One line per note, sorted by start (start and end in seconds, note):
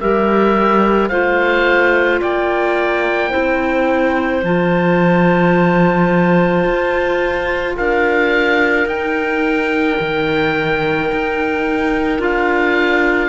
0.00 1.10 G3
0.00 1.11 G4
0.00 1.09 A#4
0.00 1.08 E5
1.08 2.21 A3
1.08 3.30 F4
1.08 2.20 C5
1.08 2.19 F5
2.21 3.33 A#3
2.21 3.29 D5
2.21 4.44 G5
3.29 4.41 E4
3.29 7.74 C5
3.35 4.43 C4
4.43 6.64 F3
4.43 8.87 F4
4.43 7.77 A5
6.64 7.75 F4
7.77 8.86 D4
7.77 13.29 A#4
7.77 8.88 F5
8.86 9.97 D#4
8.86 12.19 D#4
8.86 12.22 G5
10.00 11.11 D#3
11.12 12.19 D#4
12.19 13.29 D4
12.19 13.29 F4
12.19 13.29 F5